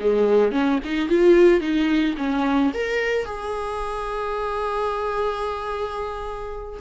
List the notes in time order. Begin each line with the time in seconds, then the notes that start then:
0.00 G#3
0.52 C#4
0.84 D#4
1.09 F4
1.60 D#4
2.17 C#4
2.74 A#4
3.25 G#4